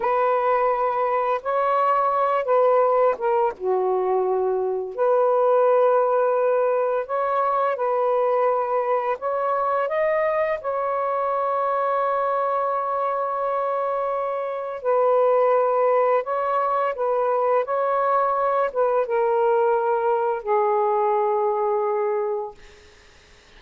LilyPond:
\new Staff \with { instrumentName = "saxophone" } { \time 4/4 \tempo 4 = 85 b'2 cis''4. b'8~ | b'8 ais'8 fis'2 b'4~ | b'2 cis''4 b'4~ | b'4 cis''4 dis''4 cis''4~ |
cis''1~ | cis''4 b'2 cis''4 | b'4 cis''4. b'8 ais'4~ | ais'4 gis'2. | }